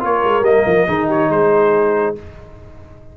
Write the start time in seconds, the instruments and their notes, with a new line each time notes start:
0.00 tuba A#3, trombone F4, horn A#4, trumpet C#5
0.24 tuba G#3
0.41 tuba G3, trombone A#3, trumpet D#5
0.66 tuba F3
0.86 tuba D#3, trombone D#4, horn G#4
1.07 horn G4, trumpet C#5
1.29 tuba G#3, horn G#4, trumpet C5